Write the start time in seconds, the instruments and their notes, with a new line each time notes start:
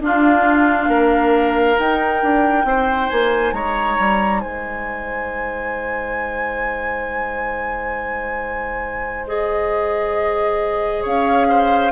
0.00 bassoon D4, clarinet D4, oboe F4, flute F5
0.88 bassoon A#3, oboe A#4
1.75 clarinet D#4, bassoon D#4, flute G5
2.24 bassoon D4
2.65 bassoon C4, oboe C5
3.10 bassoon A#3, flute G#5
3.53 bassoon G#3, oboe C#5, flute A#5
3.99 bassoon G3
4.40 bassoon G#3, oboe C5, flute G#5
9.27 clarinet G#4, flute D#5
11.03 bassoon C#4, oboe C#5, flute F5
11.50 oboe C5